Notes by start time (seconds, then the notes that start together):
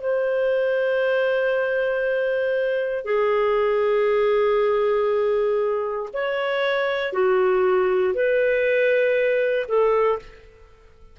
0.00 C5
3.04 G#4
6.13 C#5
7.12 F#4
8.14 B4
9.67 A4